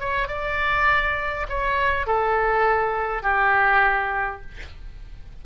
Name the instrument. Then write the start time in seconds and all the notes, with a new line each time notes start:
oboe
0.00 C#5
0.28 D5
1.49 C#5
2.07 A4
3.23 G4